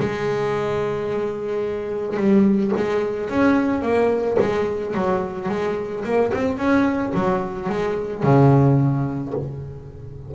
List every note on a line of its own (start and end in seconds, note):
0.00 2.17 G#3
2.17 2.72 G3
2.77 3.30 G#3
3.30 3.83 C#4
3.83 4.38 A#3
4.40 4.95 G#3
4.95 5.49 F#3
5.49 6.04 G#3
6.05 6.33 A#3
6.34 6.58 C4
6.58 7.13 C#4
7.15 7.70 F#3
7.70 8.24 G#3
8.24 9.34 C#3